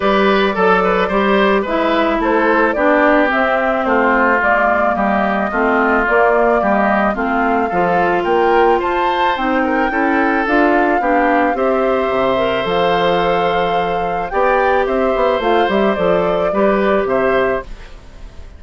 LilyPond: <<
  \new Staff \with { instrumentName = "flute" } { \time 4/4 \tempo 4 = 109 d''2. e''4 | c''4 d''4 e''4 c''4 | d''4 dis''2 d''4~ | d''16 dis''8. f''2 g''4 |
a''4 g''2 f''4~ | f''4 e''2 f''4~ | f''2 g''4 e''4 | f''8 e''8 d''2 e''4 | }
  \new Staff \with { instrumentName = "oboe" } { \time 4/4 b'4 a'8 b'8 c''4 b'4 | a'4 g'2 f'4~ | f'4 g'4 f'2 | g'4 f'4 a'4 ais'4 |
c''4. ais'8 a'2 | g'4 c''2.~ | c''2 d''4 c''4~ | c''2 b'4 c''4 | }
  \new Staff \with { instrumentName = "clarinet" } { \time 4/4 g'4 a'4 g'4 e'4~ | e'4 d'4 c'2 | ais2 c'4 ais4~ | ais4 c'4 f'2~ |
f'4 dis'4 e'4 f'4 | d'4 g'4. ais'8 a'4~ | a'2 g'2 | f'8 g'8 a'4 g'2 | }
  \new Staff \with { instrumentName = "bassoon" } { \time 4/4 g4 fis4 g4 gis4 | a4 b4 c'4 a4 | gis4 g4 a4 ais4 | g4 a4 f4 ais4 |
f'4 c'4 cis'4 d'4 | b4 c'4 c4 f4~ | f2 b4 c'8 b8 | a8 g8 f4 g4 c4 | }
>>